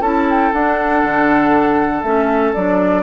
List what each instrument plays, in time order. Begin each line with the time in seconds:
0.00 bassoon C#4, clarinet E4, oboe A4, flute A5
0.29 flute G5
0.53 bassoon D4, clarinet D4, flute F#5
1.02 bassoon D3
2.02 bassoon A3, clarinet C#4, flute E5
2.53 bassoon F#3, clarinet D4, flute D5